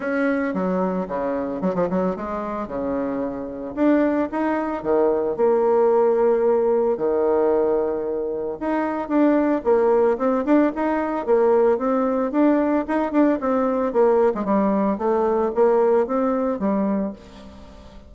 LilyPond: \new Staff \with { instrumentName = "bassoon" } { \time 4/4 \tempo 4 = 112 cis'4 fis4 cis4 fis16 f16 fis8 | gis4 cis2 d'4 | dis'4 dis4 ais2~ | ais4 dis2. |
dis'4 d'4 ais4 c'8 d'8 | dis'4 ais4 c'4 d'4 | dis'8 d'8 c'4 ais8. gis16 g4 | a4 ais4 c'4 g4 | }